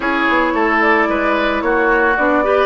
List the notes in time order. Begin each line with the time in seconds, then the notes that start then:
0.00 C#4 E4 G#4 C#5
0.28 B3
0.53 A3 A4
0.81 D5
1.08 G#3 B4
1.61 A#3 F#4 C#5
2.16 B3 D4 D5
2.43 G4 B4